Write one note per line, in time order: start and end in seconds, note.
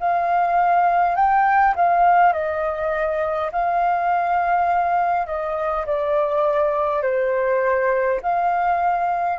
0.00 1.16 F5
1.16 1.74 G5
1.75 2.33 F5
2.33 3.50 D#5
3.51 5.27 F5
5.27 5.86 D#5
5.86 7.02 D5
7.02 8.20 C5
8.22 9.39 F5